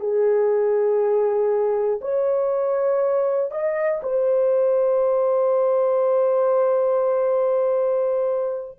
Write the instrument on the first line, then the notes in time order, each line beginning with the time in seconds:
horn
0.00 G#4
2.01 C#5
3.51 D#5
4.03 C5